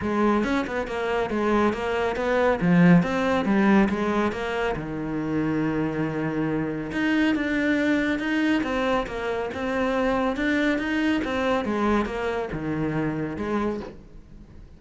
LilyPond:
\new Staff \with { instrumentName = "cello" } { \time 4/4 \tempo 4 = 139 gis4 cis'8 b8 ais4 gis4 | ais4 b4 f4 c'4 | g4 gis4 ais4 dis4~ | dis1 |
dis'4 d'2 dis'4 | c'4 ais4 c'2 | d'4 dis'4 c'4 gis4 | ais4 dis2 gis4 | }